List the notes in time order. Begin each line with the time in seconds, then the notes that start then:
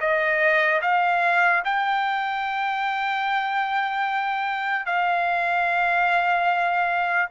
0.00 D#5
0.82 F5
1.64 G5
4.86 F5